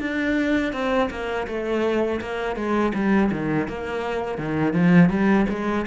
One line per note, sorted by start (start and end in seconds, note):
0.00 0.73 D4
0.73 1.10 C4
1.10 1.47 A#3
1.47 2.21 A3
2.22 2.56 A#3
2.56 2.93 G#3
2.95 3.31 G3
3.32 3.68 D#3
3.68 4.38 A#3
4.38 4.73 D#3
4.73 5.10 F3
5.10 5.46 G3
5.50 5.86 G#3